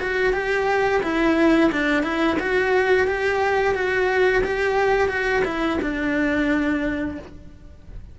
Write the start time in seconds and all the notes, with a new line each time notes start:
0.00 F#4
0.33 G4
1.03 E4
1.72 D4
2.03 E4
2.40 F#4
3.08 G4
3.75 F#4
4.44 G4
5.09 F#4
5.45 E4
5.82 D4